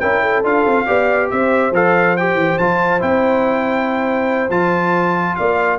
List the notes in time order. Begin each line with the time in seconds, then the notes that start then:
0.00 C#4 E4 A#4 G5
0.22 A4
0.44 D4 F4 F5
0.66 C4
0.86 B3 G4 D5
1.30 C4 C5 E5
1.71 F3 A4 F5
2.17 G4 G5
2.34 E3
2.58 F3 F4 A5
3.00 C4 E4 G5
4.50 F3 F4 A5
5.36 A#3 D5 F5